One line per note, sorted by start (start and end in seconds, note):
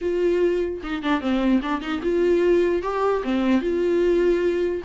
0.01 0.81 F4
0.83 1.03 D#4
1.03 1.20 D4
1.20 1.61 C4
1.62 1.81 D4
1.81 2.01 D#4
2.03 2.82 F4
2.82 3.22 G4
3.23 3.61 C4
3.61 4.82 F4